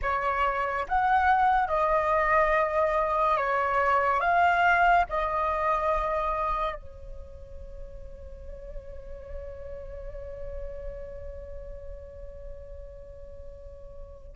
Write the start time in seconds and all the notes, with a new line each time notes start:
0.02 C#5
0.88 F#5
1.67 D#5
3.37 C#5
4.20 F5
5.09 D#5
6.75 C#5